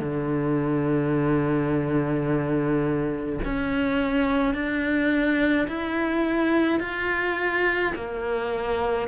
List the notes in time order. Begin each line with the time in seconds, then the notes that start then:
0.00 D3
3.45 C#4
4.54 D4
5.68 E4
6.80 F4
7.96 A#3